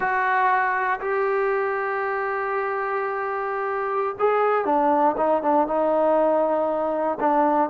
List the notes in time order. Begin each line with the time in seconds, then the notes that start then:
0.00 F#4
1.00 G4
4.19 G#4
4.65 D4
5.17 D#4
5.42 D4
5.67 D#4
7.20 D4